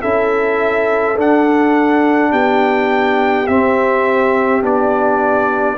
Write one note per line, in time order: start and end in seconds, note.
0.00 1.17 C#4
0.00 1.15 E4
0.00 2.31 A4
0.00 1.17 E5
1.17 3.47 D4
1.17 2.32 D4
1.17 2.32 F#5
2.31 3.47 B3
2.31 5.77 G4
2.31 3.47 G5
3.47 4.62 C4
3.47 4.62 E5
4.62 5.78 B3
4.62 5.77 D4
4.62 5.78 D5